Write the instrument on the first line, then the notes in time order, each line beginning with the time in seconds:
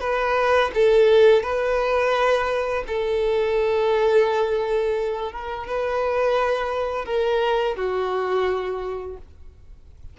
violin
0.00 B4
0.74 A4
1.42 B4
2.87 A4
5.32 A#4
5.67 B4
7.05 A#4
7.76 F#4